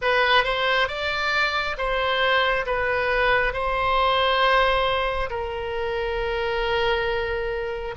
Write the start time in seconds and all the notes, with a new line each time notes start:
0.01 B4
0.44 C5
0.88 D5
1.77 C5
2.66 B4
3.53 C5
5.29 A#4